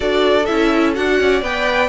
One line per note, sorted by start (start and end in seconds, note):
0.00 0.48 D4
0.00 0.43 F#4
0.00 1.14 A4
0.00 0.45 D5
0.45 0.97 C#4
0.45 0.94 E4
0.45 0.93 E5
0.94 1.20 D4
0.94 1.42 F#4
0.94 1.42 F#5
1.19 1.42 C#4
1.19 1.88 D5
1.42 1.88 B3
1.42 1.88 B4
1.42 1.88 G5